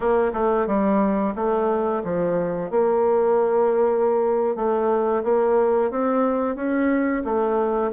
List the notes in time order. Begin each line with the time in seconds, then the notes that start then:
0.00 A#3
0.33 A3
0.66 G3
1.35 A3
2.04 F3
2.70 A#3
4.55 A3
5.23 A#3
5.91 C4
6.55 C#4
7.24 A3